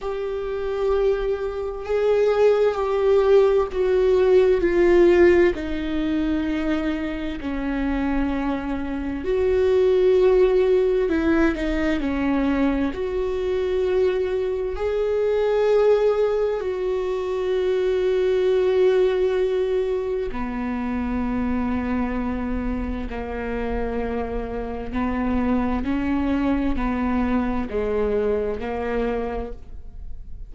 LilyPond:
\new Staff \with { instrumentName = "viola" } { \time 4/4 \tempo 4 = 65 g'2 gis'4 g'4 | fis'4 f'4 dis'2 | cis'2 fis'2 | e'8 dis'8 cis'4 fis'2 |
gis'2 fis'2~ | fis'2 b2~ | b4 ais2 b4 | cis'4 b4 gis4 ais4 | }